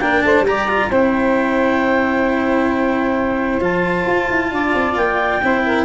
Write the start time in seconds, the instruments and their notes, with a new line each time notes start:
0.00 tuba A#3, cello D4, saxophone A#4, clarinet G5
0.22 tuba A3, saxophone C5, clarinet A5
0.42 tuba G3, cello G4, clarinet A#5
0.49 saxophone D5
0.69 cello F4
0.90 tuba C4, cello E4, saxophone C5, clarinet G5
3.60 tuba F3, cello F4, clarinet A5
4.06 tuba F4
4.30 tuba E4
4.51 tuba D4, saxophone D5
4.74 tuba C4
4.96 tuba A#3, clarinet G5
5.43 tuba C4, cello E4, saxophone C5
5.65 saxophone A#4